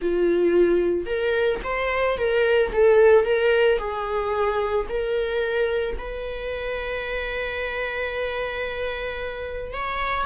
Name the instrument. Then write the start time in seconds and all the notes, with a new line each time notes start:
viola
0.01 F4
1.06 A#4
1.63 C5
2.17 A#4
2.72 A4
3.25 A#4
3.78 G#4
4.88 A#4
5.98 B4
9.73 C#5